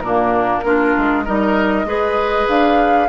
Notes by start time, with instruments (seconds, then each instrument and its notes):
0.00 bassoon A#2, clarinet A#3, oboe D4, flute A#4
0.64 bassoon A#3, clarinet D4, oboe F4
0.97 bassoon G#3
1.24 bassoon G3, clarinet D#4, oboe A#4, flute D#5
1.85 bassoon G#3, clarinet G#4, oboe B4
2.48 bassoon D4, flute F5